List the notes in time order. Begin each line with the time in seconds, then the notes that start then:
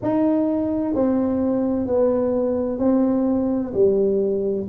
0.02 D#4
0.94 C4
1.87 B3
2.79 C4
3.73 G3